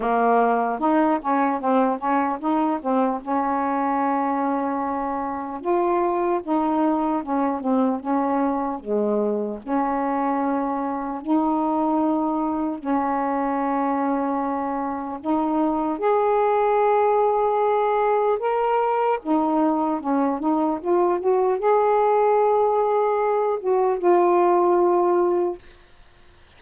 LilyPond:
\new Staff \with { instrumentName = "saxophone" } { \time 4/4 \tempo 4 = 75 ais4 dis'8 cis'8 c'8 cis'8 dis'8 c'8 | cis'2. f'4 | dis'4 cis'8 c'8 cis'4 gis4 | cis'2 dis'2 |
cis'2. dis'4 | gis'2. ais'4 | dis'4 cis'8 dis'8 f'8 fis'8 gis'4~ | gis'4. fis'8 f'2 | }